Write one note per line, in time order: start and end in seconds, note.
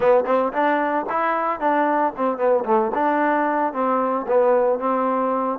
0.00 0.24 B3
0.25 0.52 C4
0.52 1.05 D4
1.09 1.60 E4
1.60 2.13 D4
2.16 2.37 C4
2.37 2.64 B3
2.65 2.91 A3
2.94 3.73 D4
3.73 4.26 C4
4.27 4.79 B3
4.79 5.59 C4